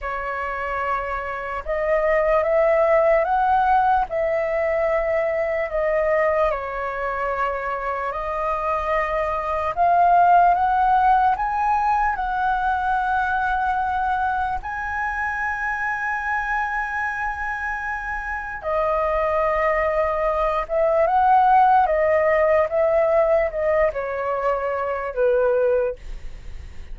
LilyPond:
\new Staff \with { instrumentName = "flute" } { \time 4/4 \tempo 4 = 74 cis''2 dis''4 e''4 | fis''4 e''2 dis''4 | cis''2 dis''2 | f''4 fis''4 gis''4 fis''4~ |
fis''2 gis''2~ | gis''2. dis''4~ | dis''4. e''8 fis''4 dis''4 | e''4 dis''8 cis''4. b'4 | }